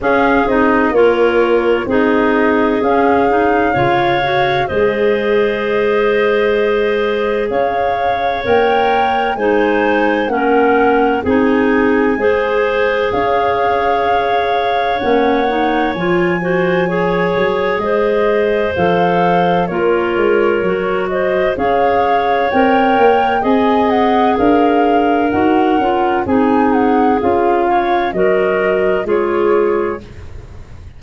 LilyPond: <<
  \new Staff \with { instrumentName = "flute" } { \time 4/4 \tempo 4 = 64 f''8 dis''8 cis''4 dis''4 f''4~ | f''4 dis''2. | f''4 g''4 gis''4 fis''4 | gis''2 f''2 |
fis''4 gis''2 dis''4 | f''4 cis''4. dis''8 f''4 | g''4 gis''8 fis''8 f''4 fis''4 | gis''8 fis''8 f''4 dis''4 cis''4 | }
  \new Staff \with { instrumentName = "clarinet" } { \time 4/4 gis'4 ais'4 gis'2 | cis''4 c''2. | cis''2 c''4 ais'4 | gis'4 c''4 cis''2~ |
cis''4. c''8 cis''4 c''4~ | c''4 ais'4. c''8 cis''4~ | cis''4 dis''4 ais'2 | gis'4. cis''8 ais'4 gis'4 | }
  \new Staff \with { instrumentName = "clarinet" } { \time 4/4 cis'8 dis'8 f'4 dis'4 cis'8 dis'8 | f'8 fis'8 gis'2.~ | gis'4 ais'4 dis'4 cis'4 | dis'4 gis'2. |
cis'8 dis'8 f'8 fis'8 gis'2 | a'4 f'4 fis'4 gis'4 | ais'4 gis'2 fis'8 f'8 | dis'4 f'4 fis'4 f'4 | }
  \new Staff \with { instrumentName = "tuba" } { \time 4/4 cis'8 c'8 ais4 c'4 cis'4 | cis4 gis2. | cis'4 ais4 gis4 ais4 | c'4 gis4 cis'2 |
ais4 f4. fis8 gis4 | f4 ais8 gis8 fis4 cis'4 | c'8 ais8 c'4 d'4 dis'8 cis'8 | c'4 cis'4 fis4 gis4 | }
>>